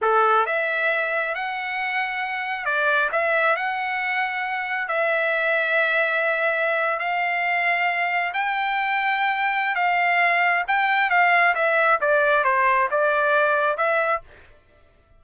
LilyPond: \new Staff \with { instrumentName = "trumpet" } { \time 4/4 \tempo 4 = 135 a'4 e''2 fis''4~ | fis''2 d''4 e''4 | fis''2. e''4~ | e''2.~ e''8. f''16~ |
f''2~ f''8. g''4~ g''16~ | g''2 f''2 | g''4 f''4 e''4 d''4 | c''4 d''2 e''4 | }